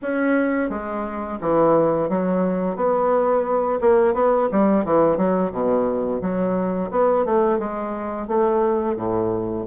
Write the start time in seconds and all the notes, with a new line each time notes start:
0.02 C#4
0.69 G#3
1.40 E3
2.09 F#3
2.76 B3
3.81 A#3
4.14 B3
4.51 G3
4.84 E3
5.17 F#3
5.52 B2
6.21 F#3
6.90 B3
7.25 A3
7.59 G#3
8.27 A3
8.96 A2